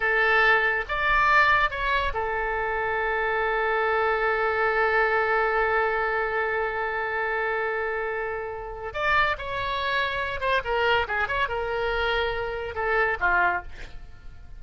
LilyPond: \new Staff \with { instrumentName = "oboe" } { \time 4/4 \tempo 4 = 141 a'2 d''2 | cis''4 a'2.~ | a'1~ | a'1~ |
a'1~ | a'4 d''4 cis''2~ | cis''8 c''8 ais'4 gis'8 cis''8 ais'4~ | ais'2 a'4 f'4 | }